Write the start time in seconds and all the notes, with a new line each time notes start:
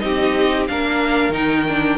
0.00 C4 D#4 G4 D#5
0.68 A#3 D4 A#4 F5
1.29 D#3 D#4 G5
1.68 D4